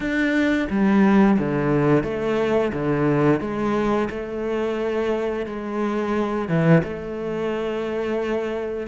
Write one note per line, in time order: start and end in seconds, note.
0.00 0.68 D4
0.70 1.38 G3
1.39 2.03 D3
2.03 2.71 A3
2.72 3.40 D3
3.40 4.08 G#3
4.09 5.45 A3
5.45 6.48 G#3
6.48 6.82 E3
6.83 8.87 A3